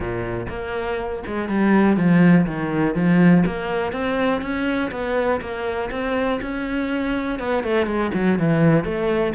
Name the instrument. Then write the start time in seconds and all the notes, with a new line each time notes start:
cello
0.00 A#2
0.49 A#3
1.26 G#3
1.49 G3
1.96 F3
2.46 D#3
2.94 F3
3.46 A#3
3.92 C4
4.41 C#4
4.91 B3
5.41 A#3
5.90 C4
6.41 C#4
7.39 B3
7.63 A3
7.86 G#3
8.14 F#3
8.39 E3
8.84 A3